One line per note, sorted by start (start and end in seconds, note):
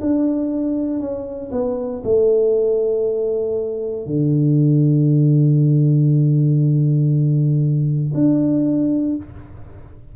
0.00 0.99 D4
0.99 1.50 C#4
1.51 2.02 B3
2.03 4.06 A3
4.06 8.13 D3
8.14 9.15 D4